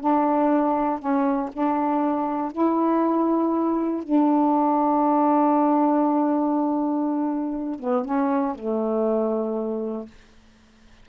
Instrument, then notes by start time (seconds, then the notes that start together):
saxophone
0.00 D4
0.99 C#4
1.53 D4
2.52 E4
4.03 D4
7.79 B3
8.05 C#4
8.55 A3